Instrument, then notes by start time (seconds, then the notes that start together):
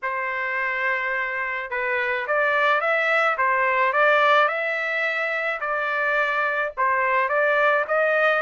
trumpet
0.02 C5
1.70 B4
2.27 D5
2.80 E5
3.37 C5
3.93 D5
4.47 E5
5.60 D5
6.77 C5
7.28 D5
7.87 D#5